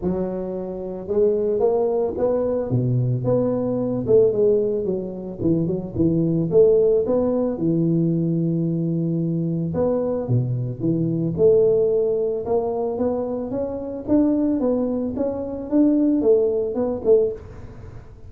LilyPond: \new Staff \with { instrumentName = "tuba" } { \time 4/4 \tempo 4 = 111 fis2 gis4 ais4 | b4 b,4 b4. a8 | gis4 fis4 e8 fis8 e4 | a4 b4 e2~ |
e2 b4 b,4 | e4 a2 ais4 | b4 cis'4 d'4 b4 | cis'4 d'4 a4 b8 a8 | }